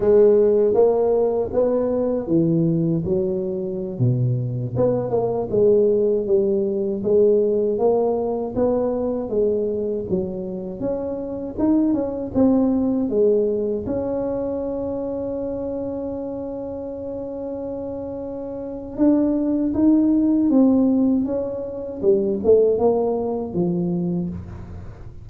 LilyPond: \new Staff \with { instrumentName = "tuba" } { \time 4/4 \tempo 4 = 79 gis4 ais4 b4 e4 | fis4~ fis16 b,4 b8 ais8 gis8.~ | gis16 g4 gis4 ais4 b8.~ | b16 gis4 fis4 cis'4 dis'8 cis'16~ |
cis'16 c'4 gis4 cis'4.~ cis'16~ | cis'1~ | cis'4 d'4 dis'4 c'4 | cis'4 g8 a8 ais4 f4 | }